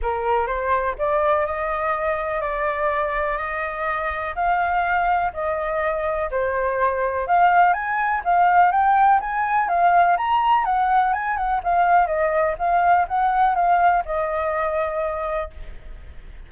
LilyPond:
\new Staff \with { instrumentName = "flute" } { \time 4/4 \tempo 4 = 124 ais'4 c''4 d''4 dis''4~ | dis''4 d''2 dis''4~ | dis''4 f''2 dis''4~ | dis''4 c''2 f''4 |
gis''4 f''4 g''4 gis''4 | f''4 ais''4 fis''4 gis''8 fis''8 | f''4 dis''4 f''4 fis''4 | f''4 dis''2. | }